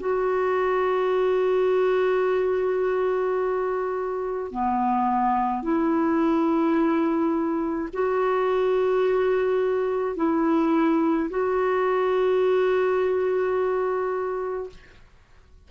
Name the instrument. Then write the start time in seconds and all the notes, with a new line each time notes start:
clarinet
0.00 F#4
4.51 B3
5.62 E4
7.93 F#4
10.16 E4
11.30 F#4